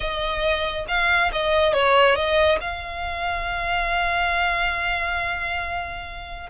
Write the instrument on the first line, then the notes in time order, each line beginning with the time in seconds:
violin
0.00 D#5
0.88 F5
1.32 D#5
1.73 C#5
2.15 D#5
2.61 F5